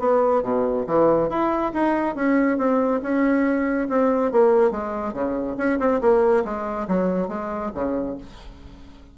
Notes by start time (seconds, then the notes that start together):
0.00 B3
0.43 B2
0.87 E3
1.30 E4
1.74 D#4
2.16 C#4
2.58 C4
3.03 C#4
3.89 C4
4.32 A#3
4.71 G#3
5.14 C#3
5.58 C#4
5.80 C4
6.01 A#3
6.45 G#3
6.88 F#3
7.29 G#3
7.75 C#3